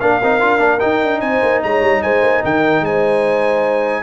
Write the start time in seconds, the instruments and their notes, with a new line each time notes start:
0.00 tuba A#3, trombone D4, horn A#4, trumpet F5
0.23 tuba C4, trombone D#4
0.40 tuba D4, trombone F4
0.59 tuba A#3, trombone D4
0.79 trombone D#4, tuba D#4, trumpet G5
1.03 tuba D4
1.20 tuba C4, horn C5, trumpet G#5
1.42 tuba A#3
1.63 tuba G#3, horn C#5, trumpet A#5
1.81 tuba G3
2.02 tuba G#3, horn C5, trumpet G#5
2.22 tuba A#3
2.43 tuba D#3, horn A#4, trumpet G5
2.80 tuba G#3, horn C5, trumpet G#5